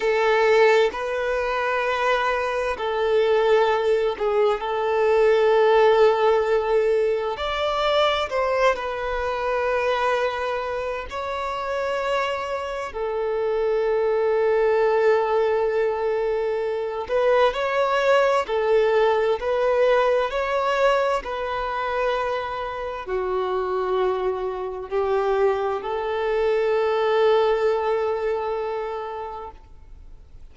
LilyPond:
\new Staff \with { instrumentName = "violin" } { \time 4/4 \tempo 4 = 65 a'4 b'2 a'4~ | a'8 gis'8 a'2. | d''4 c''8 b'2~ b'8 | cis''2 a'2~ |
a'2~ a'8 b'8 cis''4 | a'4 b'4 cis''4 b'4~ | b'4 fis'2 g'4 | a'1 | }